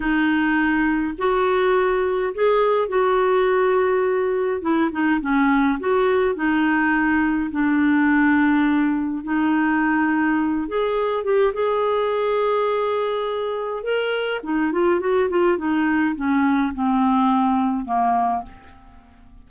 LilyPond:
\new Staff \with { instrumentName = "clarinet" } { \time 4/4 \tempo 4 = 104 dis'2 fis'2 | gis'4 fis'2. | e'8 dis'8 cis'4 fis'4 dis'4~ | dis'4 d'2. |
dis'2~ dis'8 gis'4 g'8 | gis'1 | ais'4 dis'8 f'8 fis'8 f'8 dis'4 | cis'4 c'2 ais4 | }